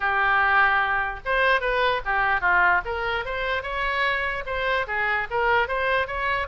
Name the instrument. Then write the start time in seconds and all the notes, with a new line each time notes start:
oboe
0.00 G4
1.25 C5
1.60 B4
2.05 G4
2.40 F4
2.85 A#4
3.25 C5
3.63 C#5
4.46 C5
4.87 G#4
5.30 A#4
5.68 C5
6.07 C#5